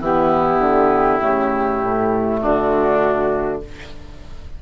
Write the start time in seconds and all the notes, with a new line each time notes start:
0.00 E3 B3 E4 G4
0.59 D3
1.21 C#3 A3
1.82 A2
2.41 D3 D4 F#4